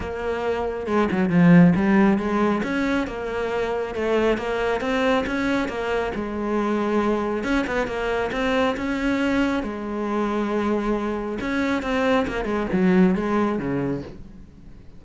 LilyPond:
\new Staff \with { instrumentName = "cello" } { \time 4/4 \tempo 4 = 137 ais2 gis8 fis8 f4 | g4 gis4 cis'4 ais4~ | ais4 a4 ais4 c'4 | cis'4 ais4 gis2~ |
gis4 cis'8 b8 ais4 c'4 | cis'2 gis2~ | gis2 cis'4 c'4 | ais8 gis8 fis4 gis4 cis4 | }